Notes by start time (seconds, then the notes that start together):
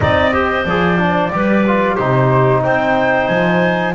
0.00 C4 D#4 D5 D#5
0.32 G4 C5
0.65 F3 G#4 D5
0.98 D4
1.31 G3 G4 B4
1.67 F4
1.95 C3 D#4 G4 C5
2.63 C4 C5 G5
3.27 F3 G#5